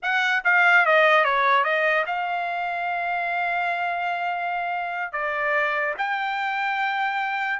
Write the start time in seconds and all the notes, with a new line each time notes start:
0.02 F#5
0.44 F5
0.85 D#5
1.24 C#5
1.63 D#5
2.06 F5
5.12 D5
5.98 G5